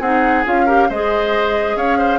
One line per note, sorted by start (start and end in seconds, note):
0.00 0.44 C4
0.00 0.45 D#4
0.00 0.66 G#4
0.00 0.45 F#5
0.45 0.90 C#4
0.45 0.67 F4
0.45 0.90 F5
0.66 0.89 G4
0.66 0.88 A#4
0.89 1.76 G#3
0.89 2.19 G#4
0.89 1.77 C5
0.89 1.77 D#5
1.76 2.19 C#4
1.76 1.98 C#5
1.76 2.19 F5
1.98 2.19 C5